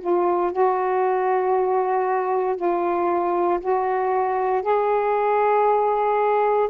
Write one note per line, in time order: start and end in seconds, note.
0.00 0.52 F4
0.52 2.56 F#4
2.56 3.60 F4
3.60 4.62 F#4
4.62 6.69 G#4